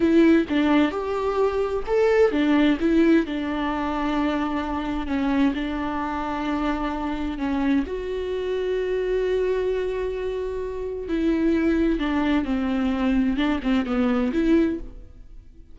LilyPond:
\new Staff \with { instrumentName = "viola" } { \time 4/4 \tempo 4 = 130 e'4 d'4 g'2 | a'4 d'4 e'4 d'4~ | d'2. cis'4 | d'1 |
cis'4 fis'2.~ | fis'1 | e'2 d'4 c'4~ | c'4 d'8 c'8 b4 e'4 | }